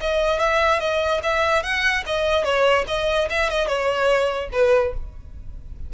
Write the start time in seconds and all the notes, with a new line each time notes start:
0.00 D#5
0.39 E5
0.79 D#5
1.23 E5
1.62 F#5
2.06 D#5
2.44 C#5
2.87 D#5
3.29 E5
3.49 D#5
3.67 C#5
4.52 B4